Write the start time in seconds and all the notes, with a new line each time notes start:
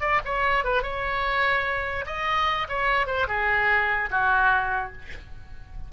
0.00 D5
0.25 C#5
0.64 B4
0.82 C#5
2.06 D#5
2.68 C#5
3.06 C5
3.27 G#4
4.10 F#4